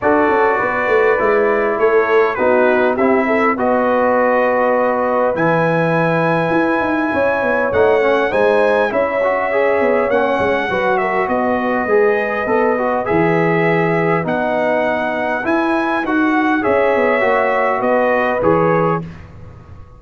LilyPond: <<
  \new Staff \with { instrumentName = "trumpet" } { \time 4/4 \tempo 4 = 101 d''2. cis''4 | b'4 e''4 dis''2~ | dis''4 gis''2.~ | gis''4 fis''4 gis''4 e''4~ |
e''4 fis''4. e''8 dis''4~ | dis''2 e''2 | fis''2 gis''4 fis''4 | e''2 dis''4 cis''4 | }
  \new Staff \with { instrumentName = "horn" } { \time 4/4 a'4 b'2 a'4 | fis'4 g'8 a'8 b'2~ | b'1 | cis''2 c''4 cis''4~ |
cis''2 b'8 ais'8 b'4~ | b'1~ | b'1 | cis''2 b'2 | }
  \new Staff \with { instrumentName = "trombone" } { \time 4/4 fis'2 e'2 | dis'4 e'4 fis'2~ | fis'4 e'2.~ | e'4 dis'8 cis'8 dis'4 e'8 fis'8 |
gis'4 cis'4 fis'2 | gis'4 a'8 fis'8 gis'2 | dis'2 e'4 fis'4 | gis'4 fis'2 gis'4 | }
  \new Staff \with { instrumentName = "tuba" } { \time 4/4 d'8 cis'8 b8 a8 gis4 a4 | b4 c'4 b2~ | b4 e2 e'8 dis'8 | cis'8 b8 a4 gis4 cis'4~ |
cis'8 b8 ais8 gis8 fis4 b4 | gis4 b4 e2 | b2 e'4 dis'4 | cis'8 b8 ais4 b4 e4 | }
>>